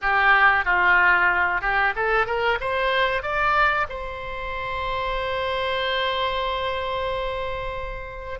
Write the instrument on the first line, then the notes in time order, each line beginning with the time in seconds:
oboe
0.01 G4
0.65 F4
1.61 G4
1.95 A4
2.26 A#4
2.60 C5
3.22 D5
3.89 C5